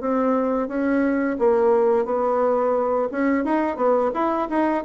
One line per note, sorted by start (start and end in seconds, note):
0.00 0.68 C4
0.68 1.37 C#4
1.38 2.05 A#3
2.05 3.08 B3
3.11 3.44 C#4
3.44 3.76 D#4
3.76 4.10 B3
4.13 4.48 E4
4.49 4.84 D#4